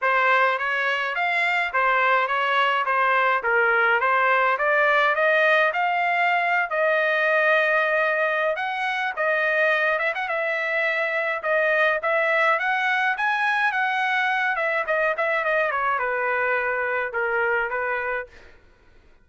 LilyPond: \new Staff \with { instrumentName = "trumpet" } { \time 4/4 \tempo 4 = 105 c''4 cis''4 f''4 c''4 | cis''4 c''4 ais'4 c''4 | d''4 dis''4 f''4.~ f''16 dis''16~ | dis''2. fis''4 |
dis''4. e''16 fis''16 e''2 | dis''4 e''4 fis''4 gis''4 | fis''4. e''8 dis''8 e''8 dis''8 cis''8 | b'2 ais'4 b'4 | }